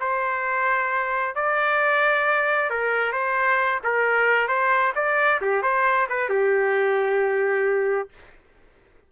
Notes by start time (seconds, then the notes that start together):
0.00 C5
1.35 D5
2.70 A#4
3.12 C5
3.83 A#4
4.48 C5
4.95 D5
5.41 G4
5.62 C5
6.09 B4
6.29 G4